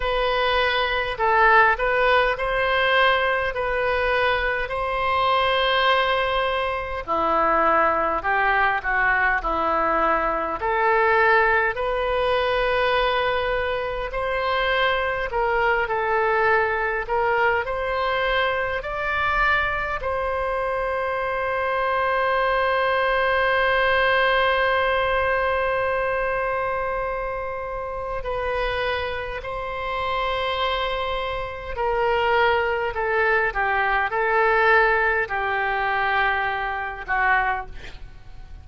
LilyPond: \new Staff \with { instrumentName = "oboe" } { \time 4/4 \tempo 4 = 51 b'4 a'8 b'8 c''4 b'4 | c''2 e'4 g'8 fis'8 | e'4 a'4 b'2 | c''4 ais'8 a'4 ais'8 c''4 |
d''4 c''2.~ | c''1 | b'4 c''2 ais'4 | a'8 g'8 a'4 g'4. fis'8 | }